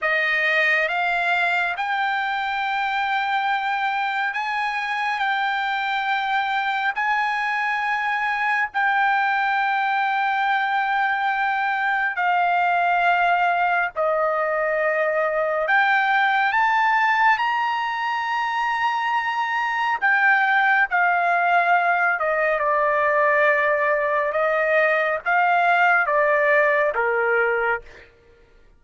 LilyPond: \new Staff \with { instrumentName = "trumpet" } { \time 4/4 \tempo 4 = 69 dis''4 f''4 g''2~ | g''4 gis''4 g''2 | gis''2 g''2~ | g''2 f''2 |
dis''2 g''4 a''4 | ais''2. g''4 | f''4. dis''8 d''2 | dis''4 f''4 d''4 ais'4 | }